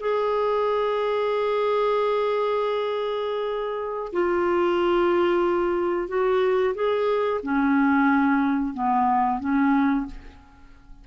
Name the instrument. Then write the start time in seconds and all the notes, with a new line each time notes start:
clarinet
0.00 G#4
4.13 F4
6.08 F#4
6.75 G#4
7.43 C#4
8.74 B3
9.40 C#4